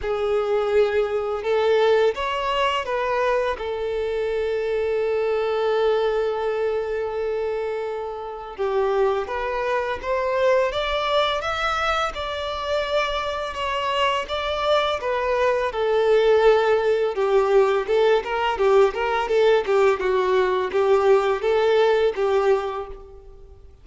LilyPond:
\new Staff \with { instrumentName = "violin" } { \time 4/4 \tempo 4 = 84 gis'2 a'4 cis''4 | b'4 a'2.~ | a'1 | g'4 b'4 c''4 d''4 |
e''4 d''2 cis''4 | d''4 b'4 a'2 | g'4 a'8 ais'8 g'8 ais'8 a'8 g'8 | fis'4 g'4 a'4 g'4 | }